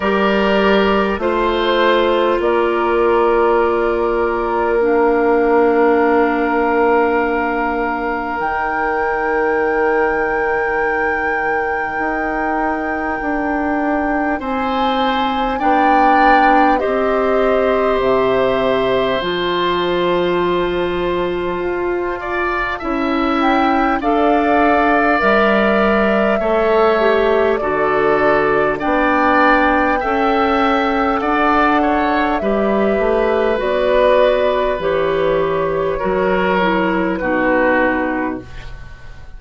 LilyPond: <<
  \new Staff \with { instrumentName = "flute" } { \time 4/4 \tempo 4 = 50 d''4 c''4 d''2 | f''2. g''4~ | g''1 | gis''4 g''4 dis''4 e''4 |
a''2.~ a''8 g''8 | f''4 e''2 d''4 | g''2 fis''4 e''4 | d''4 cis''2 b'4 | }
  \new Staff \with { instrumentName = "oboe" } { \time 4/4 ais'4 c''4 ais'2~ | ais'1~ | ais'1 | c''4 d''4 c''2~ |
c''2~ c''8 d''8 e''4 | d''2 cis''4 a'4 | d''4 e''4 d''8 cis''8 b'4~ | b'2 ais'4 fis'4 | }
  \new Staff \with { instrumentName = "clarinet" } { \time 4/4 g'4 f'2. | d'2. dis'4~ | dis'1~ | dis'4 d'4 g'2 |
f'2. e'4 | a'4 ais'4 a'8 g'8 fis'4 | d'4 a'2 g'4 | fis'4 g'4 fis'8 e'8 dis'4 | }
  \new Staff \with { instrumentName = "bassoon" } { \time 4/4 g4 a4 ais2~ | ais2. dis4~ | dis2 dis'4 d'4 | c'4 b4 c'4 c4 |
f2 f'4 cis'4 | d'4 g4 a4 d4 | b4 cis'4 d'4 g8 a8 | b4 e4 fis4 b,4 | }
>>